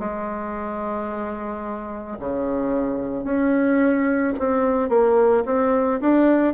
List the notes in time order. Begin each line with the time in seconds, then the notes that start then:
0.00 G#3
2.20 C#3
3.25 C#4
4.39 C4
4.89 A#3
5.46 C4
6.01 D4